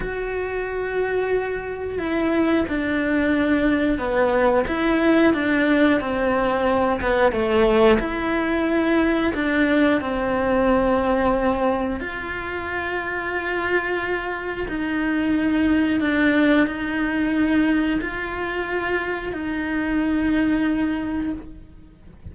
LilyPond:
\new Staff \with { instrumentName = "cello" } { \time 4/4 \tempo 4 = 90 fis'2. e'4 | d'2 b4 e'4 | d'4 c'4. b8 a4 | e'2 d'4 c'4~ |
c'2 f'2~ | f'2 dis'2 | d'4 dis'2 f'4~ | f'4 dis'2. | }